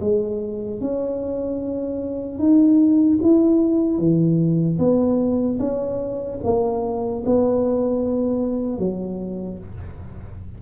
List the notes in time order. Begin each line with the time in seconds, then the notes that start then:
0.00 G#3
0.80 C#4
2.39 D#4
3.22 E4
3.98 E3
4.79 B3
5.59 C#4
6.43 A#3
7.25 B3
8.78 F#3